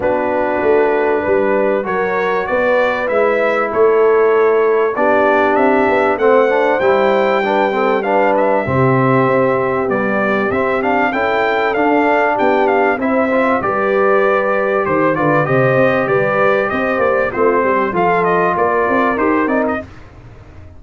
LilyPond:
<<
  \new Staff \with { instrumentName = "trumpet" } { \time 4/4 \tempo 4 = 97 b'2. cis''4 | d''4 e''4 cis''2 | d''4 e''4 fis''4 g''4~ | g''4 f''8 e''2~ e''8 |
d''4 e''8 f''8 g''4 f''4 | g''8 f''8 e''4 d''2 | c''8 d''8 dis''4 d''4 dis''8 d''8 | c''4 f''8 dis''8 d''4 c''8 d''16 dis''16 | }
  \new Staff \with { instrumentName = "horn" } { \time 4/4 fis'2 b'4 ais'4 | b'2 a'2 | g'2 c''2 | b'8 a'8 b'4 g'2~ |
g'2 a'2 | g'4 c''4 b'2 | c''8 b'8 c''4 b'4 c''4 | f'8 g'8 a'4 ais'2 | }
  \new Staff \with { instrumentName = "trombone" } { \time 4/4 d'2. fis'4~ | fis'4 e'2. | d'2 c'8 d'8 e'4 | d'8 c'8 d'4 c'2 |
g4 c'8 d'8 e'4 d'4~ | d'4 e'8 f'8 g'2~ | g'8 f'8 g'2. | c'4 f'2 g'8 dis'8 | }
  \new Staff \with { instrumentName = "tuba" } { \time 4/4 b4 a4 g4 fis4 | b4 gis4 a2 | b4 c'8 b8 a4 g4~ | g2 c4 c'4 |
b4 c'4 cis'4 d'4 | b4 c'4 g2 | dis8 d8 c8 c'8 g4 c'8 ais8 | a8 g8 f4 ais8 c'8 dis'8 c'8 | }
>>